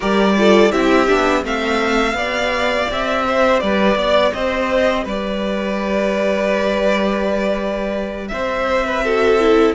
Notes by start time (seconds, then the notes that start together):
0.00 G3 G4 A#4 D5
0.37 F4 A4
0.71 C4 E4 G4 E5
1.07 B3 D4
1.44 A3 C4 E5 F5
2.13 B3 G4 D5
2.90 C4 E5
3.27 C5
3.59 G3 B4 D5
3.95 B3 D5
4.32 C4 C5 D#5
5.04 G3 B4 D5
8.28 C4 C5 E5
8.86 B4
9.04 F#4 A4
9.39 E4